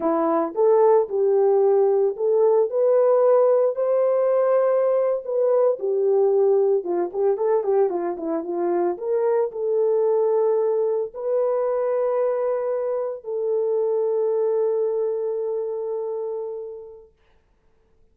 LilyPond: \new Staff \with { instrumentName = "horn" } { \time 4/4 \tempo 4 = 112 e'4 a'4 g'2 | a'4 b'2 c''4~ | c''4.~ c''16 b'4 g'4~ g'16~ | g'8. f'8 g'8 a'8 g'8 f'8 e'8 f'16~ |
f'8. ais'4 a'2~ a'16~ | a'8. b'2.~ b'16~ | b'8. a'2.~ a'16~ | a'1 | }